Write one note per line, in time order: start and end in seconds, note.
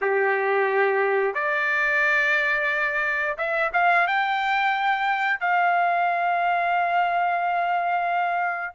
0.01 1.34 G4
1.34 3.36 D5
3.37 3.71 E5
3.73 4.07 F5
4.07 5.39 G5
5.39 8.74 F5